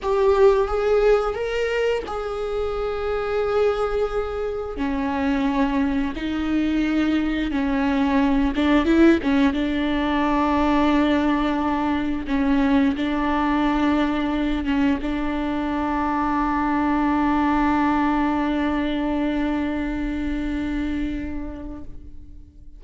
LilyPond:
\new Staff \with { instrumentName = "viola" } { \time 4/4 \tempo 4 = 88 g'4 gis'4 ais'4 gis'4~ | gis'2. cis'4~ | cis'4 dis'2 cis'4~ | cis'8 d'8 e'8 cis'8 d'2~ |
d'2 cis'4 d'4~ | d'4. cis'8 d'2~ | d'1~ | d'1 | }